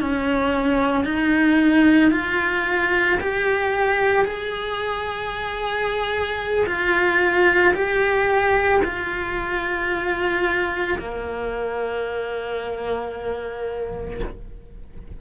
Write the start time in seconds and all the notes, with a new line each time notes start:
0.00 C#4
1.04 D#4
2.11 F4
3.20 G4
4.25 G#4
6.66 F4
7.74 G4
8.84 F4
10.98 A#3